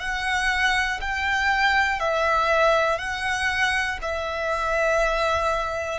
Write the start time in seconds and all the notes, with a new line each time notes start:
0.00 F#5
1.01 G5
2.00 E5
2.98 F#5
4.02 E5